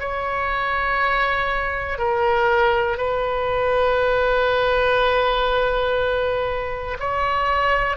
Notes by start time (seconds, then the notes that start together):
0.00 C#5
1.99 A#4
2.98 B4
7.00 C#5